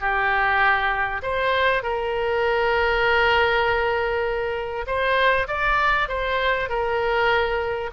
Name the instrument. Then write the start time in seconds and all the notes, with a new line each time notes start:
oboe
0.00 G4
1.22 C5
1.82 A#4
4.87 C5
5.47 D5
6.08 C5
6.69 A#4